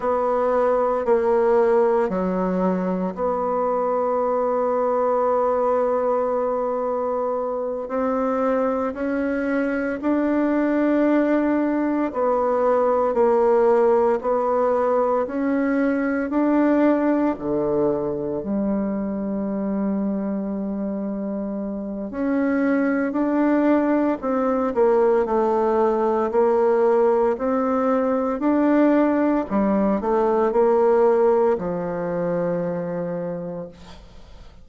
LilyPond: \new Staff \with { instrumentName = "bassoon" } { \time 4/4 \tempo 4 = 57 b4 ais4 fis4 b4~ | b2.~ b8 c'8~ | c'8 cis'4 d'2 b8~ | b8 ais4 b4 cis'4 d'8~ |
d'8 d4 g2~ g8~ | g4 cis'4 d'4 c'8 ais8 | a4 ais4 c'4 d'4 | g8 a8 ais4 f2 | }